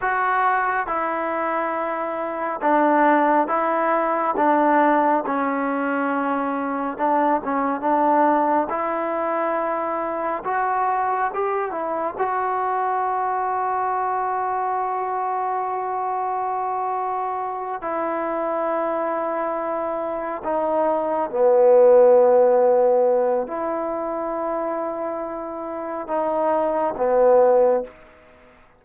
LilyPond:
\new Staff \with { instrumentName = "trombone" } { \time 4/4 \tempo 4 = 69 fis'4 e'2 d'4 | e'4 d'4 cis'2 | d'8 cis'8 d'4 e'2 | fis'4 g'8 e'8 fis'2~ |
fis'1~ | fis'8 e'2. dis'8~ | dis'8 b2~ b8 e'4~ | e'2 dis'4 b4 | }